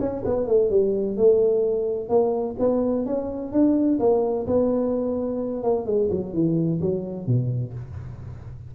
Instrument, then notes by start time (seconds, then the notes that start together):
tuba
0.00 C#4
0.25 B3
0.47 A3
0.70 G3
1.17 A3
2.09 A#3
2.59 B3
3.06 C#4
3.52 D4
3.99 A#3
4.47 B3
5.63 A#3
5.86 G#3
6.11 F#3
6.33 E3
6.81 F#3
7.27 B2